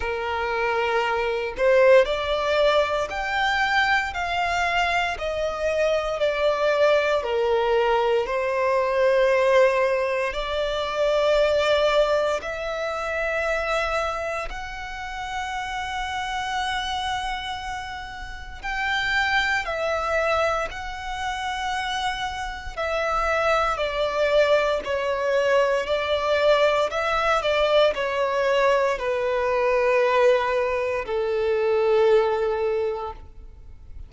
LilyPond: \new Staff \with { instrumentName = "violin" } { \time 4/4 \tempo 4 = 58 ais'4. c''8 d''4 g''4 | f''4 dis''4 d''4 ais'4 | c''2 d''2 | e''2 fis''2~ |
fis''2 g''4 e''4 | fis''2 e''4 d''4 | cis''4 d''4 e''8 d''8 cis''4 | b'2 a'2 | }